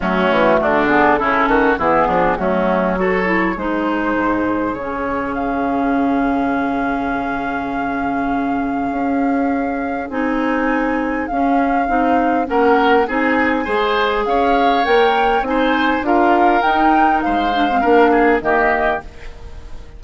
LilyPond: <<
  \new Staff \with { instrumentName = "flute" } { \time 4/4 \tempo 4 = 101 fis'4. gis'8 a'4 gis'4 | fis'4 cis''4 c''2 | cis''4 f''2.~ | f''1~ |
f''4 gis''2 f''4~ | f''4 fis''4 gis''2 | f''4 g''4 gis''4 f''4 | g''4 f''2 dis''4 | }
  \new Staff \with { instrumentName = "oboe" } { \time 4/4 cis'4 d'4 e'8 fis'8 e'8 d'8 | cis'4 a'4 gis'2~ | gis'1~ | gis'1~ |
gis'1~ | gis'4 ais'4 gis'4 c''4 | cis''2 c''4 ais'4~ | ais'4 c''4 ais'8 gis'8 g'4 | }
  \new Staff \with { instrumentName = "clarinet" } { \time 4/4 a4. b8 cis'4 b4 | a4 fis'8 e'8 dis'2 | cis'1~ | cis'1~ |
cis'4 dis'2 cis'4 | dis'4 cis'4 dis'4 gis'4~ | gis'4 ais'4 dis'4 f'4 | dis'4. d'16 c'16 d'4 ais4 | }
  \new Staff \with { instrumentName = "bassoon" } { \time 4/4 fis8 e8 d4 cis8 dis8 e8 f8 | fis2 gis4 gis,4 | cis1~ | cis2. cis'4~ |
cis'4 c'2 cis'4 | c'4 ais4 c'4 gis4 | cis'4 ais4 c'4 d'4 | dis'4 gis4 ais4 dis4 | }
>>